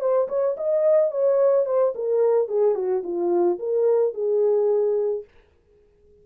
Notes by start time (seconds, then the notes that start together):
0.00 C5
0.28 C#5
0.57 D#5
1.11 C#5
1.65 C5
1.95 A#4
2.48 G#4
2.75 F#4
3.03 F4
3.59 A#4
4.14 G#4